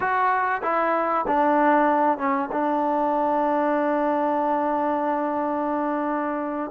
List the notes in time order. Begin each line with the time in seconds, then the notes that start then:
0.00 F#4
0.62 E4
1.27 D4
2.18 C#4
2.51 D4